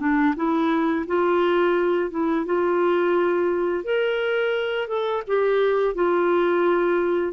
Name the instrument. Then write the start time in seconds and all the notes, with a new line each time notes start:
clarinet
0.00 D4
0.36 E4
1.08 F4
2.11 E4
2.46 F4
3.85 A#4
4.88 A4
5.28 G4
5.95 F4